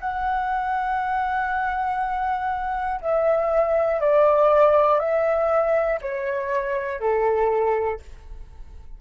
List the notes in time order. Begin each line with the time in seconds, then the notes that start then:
0.00 F#5
3.00 E5
4.00 D5
4.99 E5
6.01 C#5
7.00 A4